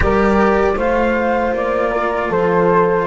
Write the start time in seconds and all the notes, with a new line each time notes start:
0.00 G3 G4 A#4 D5
0.75 A3 F4 C5 F5
1.53 A#3 D5
1.91 A#4
2.29 F3 A4 C5